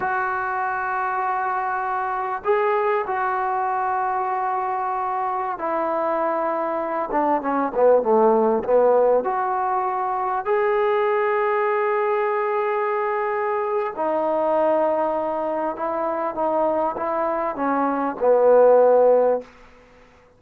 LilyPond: \new Staff \with { instrumentName = "trombone" } { \time 4/4 \tempo 4 = 99 fis'1 | gis'4 fis'2.~ | fis'4~ fis'16 e'2~ e'8 d'16~ | d'16 cis'8 b8 a4 b4 fis'8.~ |
fis'4~ fis'16 gis'2~ gis'8.~ | gis'2. dis'4~ | dis'2 e'4 dis'4 | e'4 cis'4 b2 | }